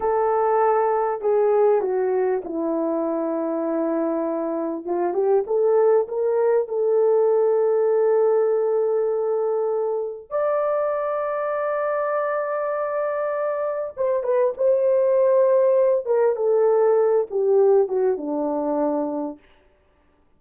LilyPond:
\new Staff \with { instrumentName = "horn" } { \time 4/4 \tempo 4 = 99 a'2 gis'4 fis'4 | e'1 | f'8 g'8 a'4 ais'4 a'4~ | a'1~ |
a'4 d''2.~ | d''2. c''8 b'8 | c''2~ c''8 ais'8 a'4~ | a'8 g'4 fis'8 d'2 | }